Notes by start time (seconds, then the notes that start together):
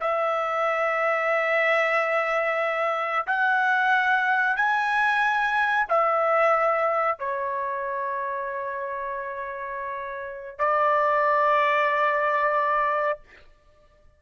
0.00 E5
3.26 F#5
4.56 G#5
5.88 E5
7.18 C#5
10.58 D5